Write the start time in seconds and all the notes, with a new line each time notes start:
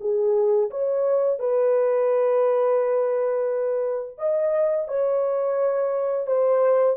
0.00 G#4
0.70 C#5
1.39 B4
4.18 D#5
4.87 C#5
6.27 C5